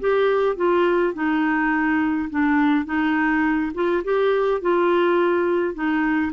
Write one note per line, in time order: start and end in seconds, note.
0.00 0.56 G4
0.56 1.14 F4
1.14 2.29 D#4
2.30 2.85 D4
2.85 3.72 D#4
3.74 4.03 F4
4.04 4.61 G4
4.61 5.75 F4
5.75 6.32 D#4